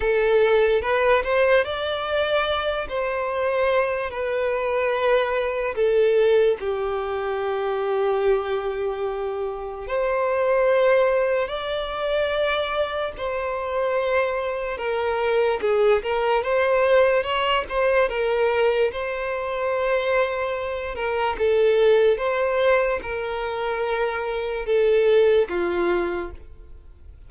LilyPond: \new Staff \with { instrumentName = "violin" } { \time 4/4 \tempo 4 = 73 a'4 b'8 c''8 d''4. c''8~ | c''4 b'2 a'4 | g'1 | c''2 d''2 |
c''2 ais'4 gis'8 ais'8 | c''4 cis''8 c''8 ais'4 c''4~ | c''4. ais'8 a'4 c''4 | ais'2 a'4 f'4 | }